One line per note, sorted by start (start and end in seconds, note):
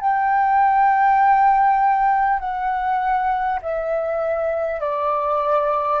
0.00 2.39 G5
2.39 3.59 F#5
3.62 4.80 E5
4.80 6.00 D5